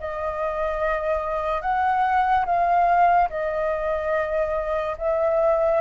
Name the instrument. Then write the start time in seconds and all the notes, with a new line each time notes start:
flute
0.00 D#5
1.62 F#5
2.46 F5
3.30 D#5
4.98 E5